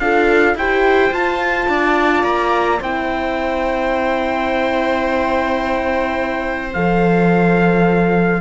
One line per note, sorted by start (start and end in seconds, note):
0.00 0.55 D4
0.00 0.58 F4
0.00 0.57 A4
0.00 0.56 F5
0.55 1.11 E4
0.55 1.14 G4
0.55 1.69 C5
0.55 1.14 G5
1.12 1.68 F4
1.12 2.81 F4
1.12 2.24 A5
1.69 2.24 D4
1.69 2.80 D5
2.24 2.80 A#3
2.24 2.80 A#5
2.80 6.74 C4
2.80 6.74 E4
2.80 8.41 C5
2.80 6.74 G5
6.74 8.42 F3
6.74 8.42 A4
6.74 8.42 F5